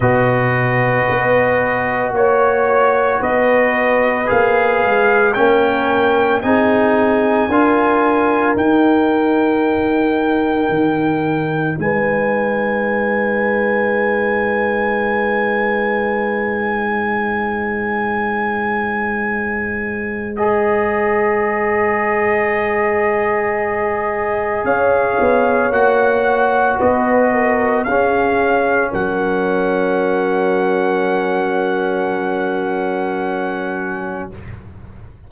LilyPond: <<
  \new Staff \with { instrumentName = "trumpet" } { \time 4/4 \tempo 4 = 56 dis''2 cis''4 dis''4 | f''4 g''4 gis''2 | g''2. gis''4~ | gis''1~ |
gis''2. dis''4~ | dis''2. f''4 | fis''4 dis''4 f''4 fis''4~ | fis''1 | }
  \new Staff \with { instrumentName = "horn" } { \time 4/4 b'2 cis''4 b'4~ | b'4 ais'4 gis'4 ais'4~ | ais'2. b'4~ | b'2.~ b'8. c''16~ |
c''1~ | c''2. cis''4~ | cis''4 b'8 ais'8 gis'4 ais'4~ | ais'1 | }
  \new Staff \with { instrumentName = "trombone" } { \time 4/4 fis'1 | gis'4 cis'4 dis'4 f'4 | dis'1~ | dis'1~ |
dis'2. gis'4~ | gis'1 | fis'2 cis'2~ | cis'1 | }
  \new Staff \with { instrumentName = "tuba" } { \time 4/4 b,4 b4 ais4 b4 | ais8 gis8 ais4 c'4 d'4 | dis'2 dis4 gis4~ | gis1~ |
gis1~ | gis2. cis'8 b8 | ais4 b4 cis'4 fis4~ | fis1 | }
>>